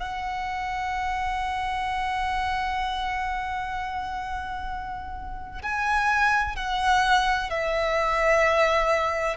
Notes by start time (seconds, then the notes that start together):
0.00 F#5
5.63 G#5
6.57 F#5
7.50 E5